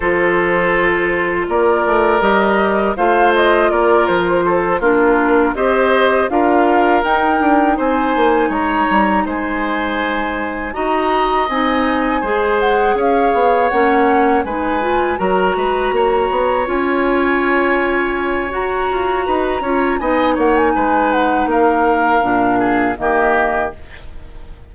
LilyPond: <<
  \new Staff \with { instrumentName = "flute" } { \time 4/4 \tempo 4 = 81 c''2 d''4 dis''4 | f''8 dis''8 d''8 c''4 ais'4 dis''8~ | dis''8 f''4 g''4 gis''4 ais''8~ | ais''8 gis''2 ais''4 gis''8~ |
gis''4 fis''8 f''4 fis''4 gis''8~ | gis''8 ais''2 gis''4.~ | gis''4 ais''2 gis''8 fis''16 gis''16~ | gis''8 fis''8 f''2 dis''4 | }
  \new Staff \with { instrumentName = "oboe" } { \time 4/4 a'2 ais'2 | c''4 ais'4 a'8 f'4 c''8~ | c''8 ais'2 c''4 cis''8~ | cis''8 c''2 dis''4.~ |
dis''8 c''4 cis''2 b'8~ | b'8 ais'8 b'8 cis''2~ cis''8~ | cis''2 b'8 cis''8 dis''8 cis''8 | b'4 ais'4. gis'8 g'4 | }
  \new Staff \with { instrumentName = "clarinet" } { \time 4/4 f'2. g'4 | f'2~ f'8 d'4 g'8~ | g'8 f'4 dis'2~ dis'8~ | dis'2~ dis'8 fis'4 dis'8~ |
dis'8 gis'2 cis'4 dis'8 | f'8 fis'2 f'4.~ | f'4 fis'4. f'8 dis'4~ | dis'2 d'4 ais4 | }
  \new Staff \with { instrumentName = "bassoon" } { \time 4/4 f2 ais8 a8 g4 | a4 ais8 f4 ais4 c'8~ | c'8 d'4 dis'8 d'8 c'8 ais8 gis8 | g8 gis2 dis'4 c'8~ |
c'8 gis4 cis'8 b8 ais4 gis8~ | gis8 fis8 gis8 ais8 b8 cis'4.~ | cis'4 fis'8 f'8 dis'8 cis'8 b8 ais8 | gis4 ais4 ais,4 dis4 | }
>>